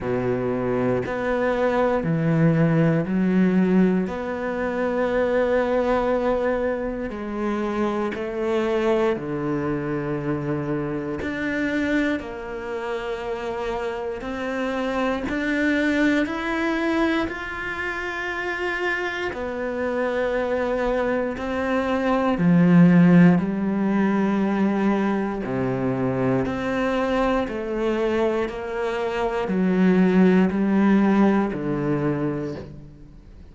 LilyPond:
\new Staff \with { instrumentName = "cello" } { \time 4/4 \tempo 4 = 59 b,4 b4 e4 fis4 | b2. gis4 | a4 d2 d'4 | ais2 c'4 d'4 |
e'4 f'2 b4~ | b4 c'4 f4 g4~ | g4 c4 c'4 a4 | ais4 fis4 g4 d4 | }